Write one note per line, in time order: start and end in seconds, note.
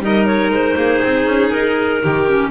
0.00 0.50 G3
0.00 2.26 D#4
0.00 0.77 A#4
0.00 0.26 D#5
0.26 0.51 C#5
0.50 0.75 G#3
0.50 1.50 C5
0.77 1.02 A#3
0.77 2.02 G#4
1.03 1.27 C4
1.27 1.52 C#4
1.50 2.03 D#4
1.50 2.50 A#4
2.03 2.51 D#3
2.03 2.51 G4
2.28 2.51 C#4